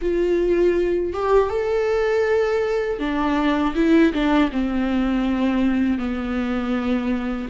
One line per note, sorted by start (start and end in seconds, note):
0.01 1.13 F4
1.13 1.49 G4
1.49 2.99 A4
2.99 3.74 D4
3.75 4.12 E4
4.12 4.50 D4
4.51 5.98 C4
5.98 7.48 B3